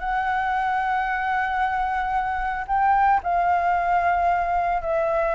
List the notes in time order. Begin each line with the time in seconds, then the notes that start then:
0.00 F#5
2.68 G5
3.24 F5
4.82 E5